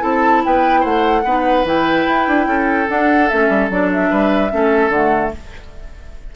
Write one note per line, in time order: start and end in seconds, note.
0.00 0.44 C4
0.00 1.22 E4
0.00 0.42 A4
0.00 0.44 A5
0.45 0.84 B3
0.45 0.81 B4
0.45 0.84 G5
0.81 1.24 A3
0.81 1.21 C5
0.81 1.66 F#5
1.24 1.64 B3
1.24 1.65 D#4
1.24 2.48 B4
1.64 2.05 E3
1.64 2.87 E4
1.64 2.90 G5
2.07 2.27 E4
2.27 2.46 D4
2.46 2.87 C#4
2.46 4.11 A4
2.88 3.29 D4
2.88 3.30 D4
2.88 3.29 F#5
3.29 3.49 A3
3.29 3.71 C#4
3.29 3.70 E5
3.49 3.69 G3
3.69 4.10 F#3
3.69 4.51 D4
3.69 3.91 D5
3.92 4.91 E5
4.11 4.52 G3
4.11 4.51 B4
4.51 4.89 A3
4.51 4.91 C#4
4.51 5.36 A4
4.89 5.30 D3
4.89 5.35 A3
4.89 5.32 F#5